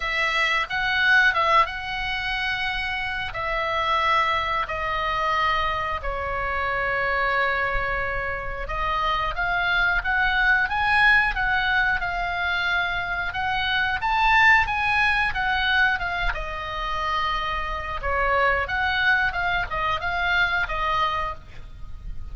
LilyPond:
\new Staff \with { instrumentName = "oboe" } { \time 4/4 \tempo 4 = 90 e''4 fis''4 e''8 fis''4.~ | fis''4 e''2 dis''4~ | dis''4 cis''2.~ | cis''4 dis''4 f''4 fis''4 |
gis''4 fis''4 f''2 | fis''4 a''4 gis''4 fis''4 | f''8 dis''2~ dis''8 cis''4 | fis''4 f''8 dis''8 f''4 dis''4 | }